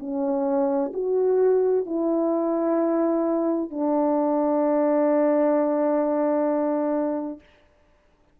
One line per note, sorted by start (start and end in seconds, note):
0.00 0.92 C#4
0.94 1.86 F#4
1.86 3.70 E4
3.70 7.40 D4